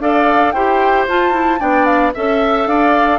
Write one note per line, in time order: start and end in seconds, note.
0.00 0.53 D4
0.00 0.55 A4
0.00 0.54 D5
0.00 0.52 F5
0.52 1.07 E4
0.52 1.09 G4
0.52 1.60 C5
0.52 1.05 G5
1.08 1.61 F4
1.08 1.32 F4
1.08 1.61 A5
1.32 1.59 E4
1.60 2.14 B3
1.60 2.13 D4
1.60 2.13 D5
1.60 1.86 G5
1.86 2.12 F5
2.15 2.67 C#4
2.15 3.20 A4
2.15 2.68 E5
2.15 2.67 E5
2.67 3.20 D4
2.67 3.20 D5
2.67 3.20 F5